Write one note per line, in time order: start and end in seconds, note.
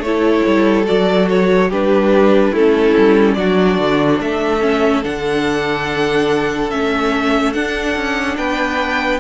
0.00 0.42 A3
0.00 0.85 E4
0.00 1.69 A4
0.00 0.86 C#5
0.47 0.88 G3
0.85 1.72 F#3
0.85 1.69 F#4
0.85 1.29 D5
1.30 1.71 C#5
1.69 2.52 G3
1.69 2.55 D4
1.69 2.52 G4
1.69 2.55 B4
2.52 2.94 A3
2.52 3.38 C#4
2.52 3.35 E4
2.52 3.34 A4
2.97 3.37 G3
3.34 3.78 F#3
3.34 4.61 D4
3.34 4.21 F#4
3.34 4.18 D5
3.78 4.20 D3
4.21 5.04 A3
4.21 8.37 A4
4.21 5.04 E5
4.61 5.02 C#4
5.03 6.71 D3
5.03 6.70 D4
5.03 6.70 F#5
6.70 7.55 A3
6.70 7.54 C#4
6.70 7.53 E5
7.53 9.20 D4
7.53 7.95 D4
7.53 8.37 F#5
7.95 8.37 C#4
8.37 9.20 B3
8.37 9.20 B4
8.37 9.20 G5